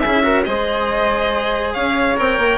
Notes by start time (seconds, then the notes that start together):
0.00 C#4 G#4 E5
0.06 E4
0.23 F#4 A#4
0.44 G#3 G#4 C5 D#5
1.74 C#4 C#5 F5
2.17 C4 A#4 G5
2.38 A#3